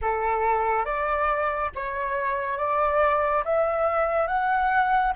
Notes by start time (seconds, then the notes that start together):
0.01 A4
0.85 D5
1.75 C#5
2.57 D5
3.44 E5
4.27 F#5